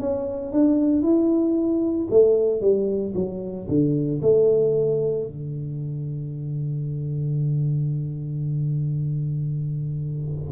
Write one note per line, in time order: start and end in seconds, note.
0.00 0.53 C#4
0.53 1.02 D4
1.02 2.08 E4
2.11 2.61 A3
2.61 3.14 G3
3.15 3.67 F#3
3.68 4.21 D3
4.22 5.27 A3
5.27 10.52 D3